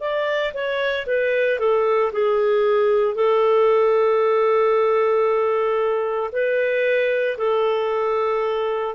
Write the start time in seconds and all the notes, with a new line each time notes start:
0.00 D5
0.53 C#5
1.06 B4
1.59 A4
2.12 G#4
3.14 A4
6.32 B4
7.37 A4